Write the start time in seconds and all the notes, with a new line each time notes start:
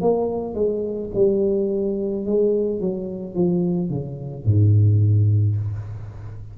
0.00 A#3
0.54 G#3
1.14 G3
2.25 G#3
2.80 F#3
3.34 F3
3.89 C#3
4.44 G#2